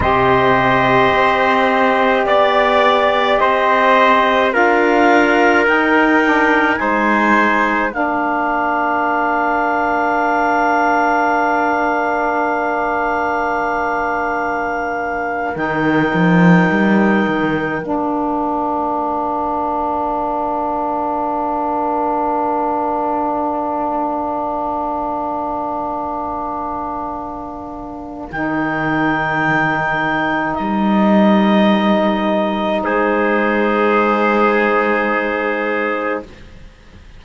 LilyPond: <<
  \new Staff \with { instrumentName = "clarinet" } { \time 4/4 \tempo 4 = 53 dis''2 d''4 dis''4 | f''4 g''4 gis''4 f''4~ | f''1~ | f''4.~ f''16 g''2 f''16~ |
f''1~ | f''1~ | f''4 g''2 dis''4~ | dis''4 c''2. | }
  \new Staff \with { instrumentName = "trumpet" } { \time 4/4 c''2 d''4 c''4 | ais'2 c''4 ais'4~ | ais'1~ | ais'1~ |
ais'1~ | ais'1~ | ais'1~ | ais'4 gis'2. | }
  \new Staff \with { instrumentName = "saxophone" } { \time 4/4 g'1 | f'4 dis'8 d'8 dis'4 d'4~ | d'1~ | d'4.~ d'16 dis'2 d'16~ |
d'1~ | d'1~ | d'4 dis'2.~ | dis'1 | }
  \new Staff \with { instrumentName = "cello" } { \time 4/4 c4 c'4 b4 c'4 | d'4 dis'4 gis4 ais4~ | ais1~ | ais4.~ ais16 dis8 f8 g8 dis8 ais16~ |
ais1~ | ais1~ | ais4 dis2 g4~ | g4 gis2. | }
>>